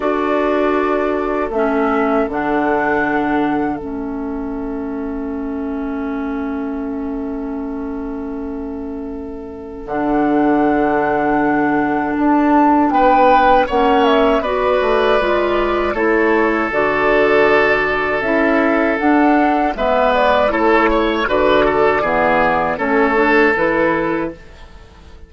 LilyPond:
<<
  \new Staff \with { instrumentName = "flute" } { \time 4/4 \tempo 4 = 79 d''2 e''4 fis''4~ | fis''4 e''2.~ | e''1~ | e''4 fis''2. |
a''4 g''4 fis''8 e''8 d''4~ | d''4 cis''4 d''2 | e''4 fis''4 e''8 d''8 cis''4 | d''2 cis''4 b'4 | }
  \new Staff \with { instrumentName = "oboe" } { \time 4/4 a'1~ | a'1~ | a'1~ | a'1~ |
a'4 b'4 cis''4 b'4~ | b'4 a'2.~ | a'2 b'4 a'8 cis''8 | b'8 a'8 gis'4 a'2 | }
  \new Staff \with { instrumentName = "clarinet" } { \time 4/4 fis'2 cis'4 d'4~ | d'4 cis'2.~ | cis'1~ | cis'4 d'2.~ |
d'2 cis'4 fis'4 | f'4 e'4 fis'2 | e'4 d'4 b4 e'4 | fis'4 b4 cis'8 d'8 e'4 | }
  \new Staff \with { instrumentName = "bassoon" } { \time 4/4 d'2 a4 d4~ | d4 a2.~ | a1~ | a4 d2. |
d'4 b4 ais4 b8 a8 | gis4 a4 d2 | cis'4 d'4 gis4 a4 | d4 e4 a4 e4 | }
>>